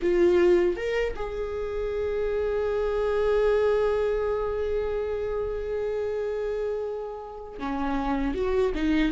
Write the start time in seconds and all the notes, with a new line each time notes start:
0.01 F4
0.76 A#4
1.15 G#4
7.59 C#4
8.34 F#4
8.74 D#4